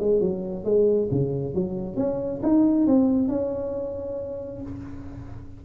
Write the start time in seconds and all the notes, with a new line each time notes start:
0.00 G#3
0.21 F#3
0.65 G#3
1.11 C#3
1.55 F#3
1.97 C#4
2.43 D#4
2.87 C4
3.28 C#4